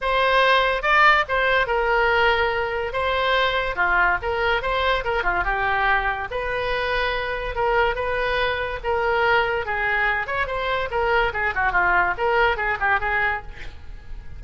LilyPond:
\new Staff \with { instrumentName = "oboe" } { \time 4/4 \tempo 4 = 143 c''2 d''4 c''4 | ais'2. c''4~ | c''4 f'4 ais'4 c''4 | ais'8 f'8 g'2 b'4~ |
b'2 ais'4 b'4~ | b'4 ais'2 gis'4~ | gis'8 cis''8 c''4 ais'4 gis'8 fis'8 | f'4 ais'4 gis'8 g'8 gis'4 | }